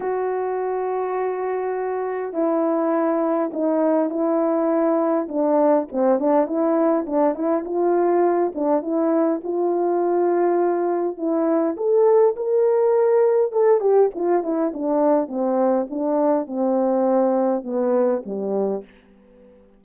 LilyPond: \new Staff \with { instrumentName = "horn" } { \time 4/4 \tempo 4 = 102 fis'1 | e'2 dis'4 e'4~ | e'4 d'4 c'8 d'8 e'4 | d'8 e'8 f'4. d'8 e'4 |
f'2. e'4 | a'4 ais'2 a'8 g'8 | f'8 e'8 d'4 c'4 d'4 | c'2 b4 g4 | }